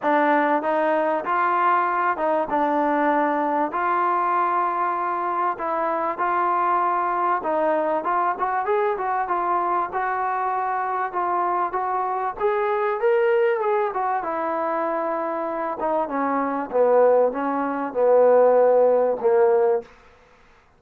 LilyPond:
\new Staff \with { instrumentName = "trombone" } { \time 4/4 \tempo 4 = 97 d'4 dis'4 f'4. dis'8 | d'2 f'2~ | f'4 e'4 f'2 | dis'4 f'8 fis'8 gis'8 fis'8 f'4 |
fis'2 f'4 fis'4 | gis'4 ais'4 gis'8 fis'8 e'4~ | e'4. dis'8 cis'4 b4 | cis'4 b2 ais4 | }